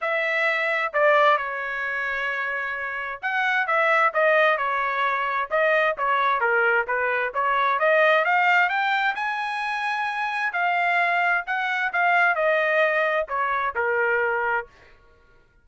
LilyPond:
\new Staff \with { instrumentName = "trumpet" } { \time 4/4 \tempo 4 = 131 e''2 d''4 cis''4~ | cis''2. fis''4 | e''4 dis''4 cis''2 | dis''4 cis''4 ais'4 b'4 |
cis''4 dis''4 f''4 g''4 | gis''2. f''4~ | f''4 fis''4 f''4 dis''4~ | dis''4 cis''4 ais'2 | }